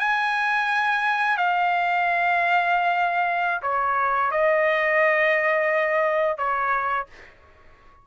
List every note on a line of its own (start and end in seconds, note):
0.00 1.38 G#5
1.38 3.62 F5
3.63 4.32 C#5
4.32 6.38 D#5
6.38 7.07 C#5